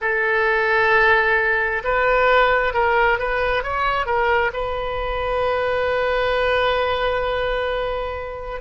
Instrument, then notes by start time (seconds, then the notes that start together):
oboe
0.01 A4
1.83 B4
2.73 A#4
3.19 B4
3.63 C#5
4.05 A#4
4.52 B4